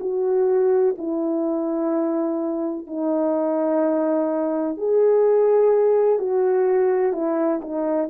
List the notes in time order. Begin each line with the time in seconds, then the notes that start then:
0.00 F#4
0.98 E4
2.87 D#4
4.77 G#4
6.19 F#4
7.12 E4
7.61 D#4